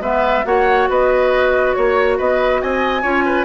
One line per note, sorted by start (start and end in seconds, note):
0.00 0.43 G#3
0.00 0.44 B3
0.00 0.44 B4
0.00 0.45 E5
0.44 0.88 A#3
0.44 3.03 F#4
0.44 0.89 C#5
0.44 0.88 F#5
0.88 1.75 B3
0.88 1.75 B4
0.88 1.73 D#5
1.73 2.19 A#3
1.73 2.16 C#5
1.73 2.17 C#5
2.17 2.62 B3
2.17 2.60 B4
2.17 2.61 D#5
2.61 3.03 C4
2.61 3.02 D#5
2.61 3.45 G#5
3.02 3.45 C#4
3.02 3.45 F4
3.02 3.23 C#5
3.25 3.45 B4